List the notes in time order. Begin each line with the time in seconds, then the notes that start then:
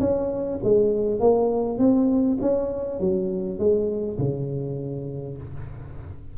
0.00 C#4
0.64 G#3
1.20 A#3
1.78 C4
2.41 C#4
3.00 F#3
3.59 G#3
4.19 C#3